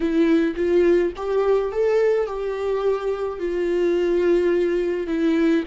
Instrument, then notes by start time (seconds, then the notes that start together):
viola
0.00 E4
0.56 F4
1.16 G4
1.72 A4
2.26 G4
3.39 F4
5.07 E4